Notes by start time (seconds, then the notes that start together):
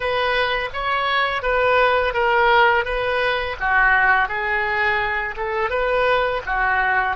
0.00 B4
0.73 C#5
1.42 B4
2.13 A#4
2.84 B4
3.60 F#4
4.28 G#4
5.36 A4
5.70 B4
6.45 F#4